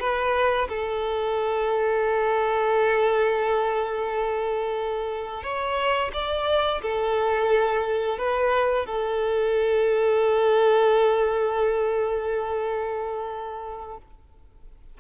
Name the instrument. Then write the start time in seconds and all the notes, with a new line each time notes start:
violin
0.00 B4
0.69 A4
5.43 C#5
6.13 D5
6.82 A4
8.18 B4
8.86 A4